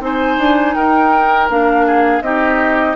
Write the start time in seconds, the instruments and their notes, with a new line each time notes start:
0.00 bassoon C4, clarinet D#4, oboe C5, flute G#5
0.38 bassoon D4
0.75 bassoon D#4, oboe A#4, flute G5
1.49 bassoon A#3, clarinet D4, flute F5
1.86 oboe G#4
2.21 bassoon C4, clarinet D#4, oboe G4, flute D#5